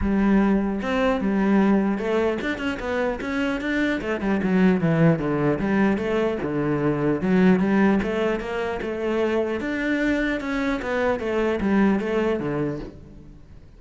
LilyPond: \new Staff \with { instrumentName = "cello" } { \time 4/4 \tempo 4 = 150 g2 c'4 g4~ | g4 a4 d'8 cis'8 b4 | cis'4 d'4 a8 g8 fis4 | e4 d4 g4 a4 |
d2 fis4 g4 | a4 ais4 a2 | d'2 cis'4 b4 | a4 g4 a4 d4 | }